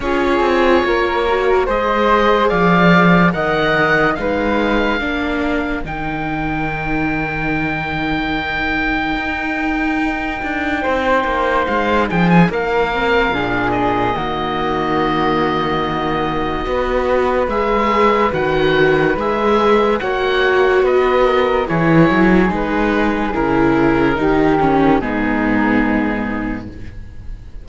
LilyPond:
<<
  \new Staff \with { instrumentName = "oboe" } { \time 4/4 \tempo 4 = 72 cis''2 dis''4 f''4 | fis''4 f''2 g''4~ | g''1~ | g''2 f''8 g''16 gis''16 f''4~ |
f''8 dis''2.~ dis''8~ | dis''4 e''4 fis''4 e''4 | fis''4 dis''4 cis''4 b'4 | ais'2 gis'2 | }
  \new Staff \with { instrumentName = "flute" } { \time 4/4 gis'4 ais'4 c''4 d''4 | dis''4 b'4 ais'2~ | ais'1~ | ais'4 c''4. gis'8 ais'4 |
gis'4 fis'2. | b'1 | cis''4 b'8 ais'8 gis'2~ | gis'4 g'4 dis'2 | }
  \new Staff \with { instrumentName = "viola" } { \time 4/4 f'4. fis'8 gis'2 | ais'4 dis'4 d'4 dis'4~ | dis'1~ | dis'2.~ dis'8 c'8 |
d'4 ais2. | fis'4 gis'4 fis'4 gis'4 | fis'2 e'4 dis'4 | e'4 dis'8 cis'8 b2 | }
  \new Staff \with { instrumentName = "cello" } { \time 4/4 cis'8 c'8 ais4 gis4 f4 | dis4 gis4 ais4 dis4~ | dis2. dis'4~ | dis'8 d'8 c'8 ais8 gis8 f8 ais4 |
ais,4 dis2. | b4 gis4 dis4 gis4 | ais4 b4 e8 fis8 gis4 | cis4 dis4 gis,2 | }
>>